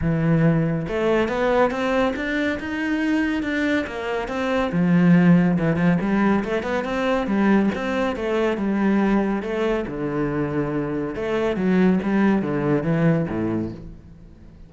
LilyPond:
\new Staff \with { instrumentName = "cello" } { \time 4/4 \tempo 4 = 140 e2 a4 b4 | c'4 d'4 dis'2 | d'4 ais4 c'4 f4~ | f4 e8 f8 g4 a8 b8 |
c'4 g4 c'4 a4 | g2 a4 d4~ | d2 a4 fis4 | g4 d4 e4 a,4 | }